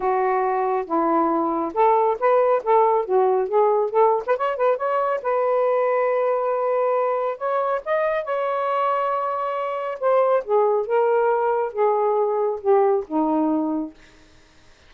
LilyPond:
\new Staff \with { instrumentName = "saxophone" } { \time 4/4 \tempo 4 = 138 fis'2 e'2 | a'4 b'4 a'4 fis'4 | gis'4 a'8. b'16 cis''8 b'8 cis''4 | b'1~ |
b'4 cis''4 dis''4 cis''4~ | cis''2. c''4 | gis'4 ais'2 gis'4~ | gis'4 g'4 dis'2 | }